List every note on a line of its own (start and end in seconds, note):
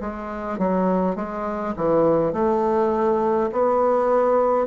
0.00 0.58 G#3
0.58 1.16 F#3
1.16 1.74 G#3
1.76 2.33 E3
2.33 3.50 A3
3.52 4.66 B3